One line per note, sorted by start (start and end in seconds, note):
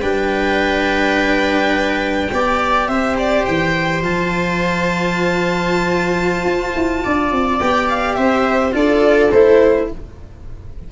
0.00 2.31 G3
0.00 2.31 D4
0.00 2.29 B4
0.00 2.88 G5
2.33 2.89 B3
2.33 4.03 G4
2.33 2.89 D5
2.88 3.46 C4
2.88 7.03 C5
2.88 3.16 E5
3.18 3.46 D5
3.46 4.02 E3
3.46 4.03 G5
4.02 6.45 F3
4.02 7.60 F4
4.02 7.60 A5
6.45 6.74 F4
6.75 7.04 E4
7.04 7.32 D4
7.04 8.17 D5
7.32 7.60 C4
7.60 8.18 B3
7.60 8.72 G4
7.60 7.88 G5
7.90 8.15 F5
8.15 8.74 C4
8.15 8.74 C5
8.15 8.72 E5
8.72 9.31 D4
8.72 9.29 F4
8.72 9.89 A4
8.72 9.32 D5
9.32 9.90 A3
9.32 9.92 E4
9.32 9.89 C5